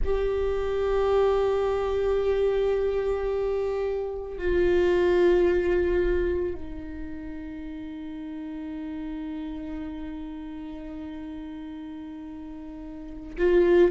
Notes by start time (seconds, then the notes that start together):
0.04 G4
4.37 F4
6.55 D#4
13.37 F4